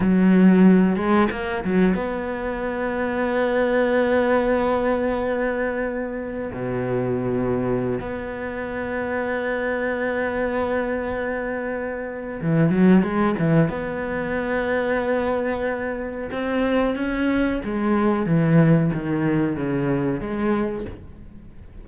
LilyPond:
\new Staff \with { instrumentName = "cello" } { \time 4/4 \tempo 4 = 92 fis4. gis8 ais8 fis8 b4~ | b1~ | b2 b,2~ | b,16 b2.~ b8.~ |
b2. e8 fis8 | gis8 e8 b2.~ | b4 c'4 cis'4 gis4 | e4 dis4 cis4 gis4 | }